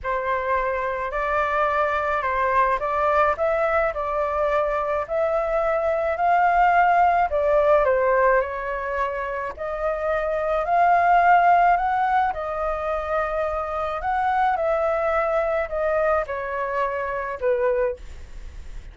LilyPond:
\new Staff \with { instrumentName = "flute" } { \time 4/4 \tempo 4 = 107 c''2 d''2 | c''4 d''4 e''4 d''4~ | d''4 e''2 f''4~ | f''4 d''4 c''4 cis''4~ |
cis''4 dis''2 f''4~ | f''4 fis''4 dis''2~ | dis''4 fis''4 e''2 | dis''4 cis''2 b'4 | }